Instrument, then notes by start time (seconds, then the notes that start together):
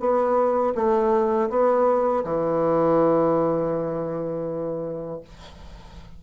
bassoon
0.00 B3
0.75 A3
1.50 B3
2.24 E3